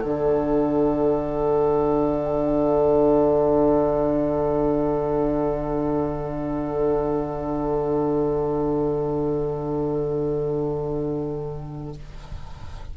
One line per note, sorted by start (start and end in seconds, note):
0.00 11.97 D3
0.00 11.94 D4
0.00 11.93 A4
0.00 11.95 F#5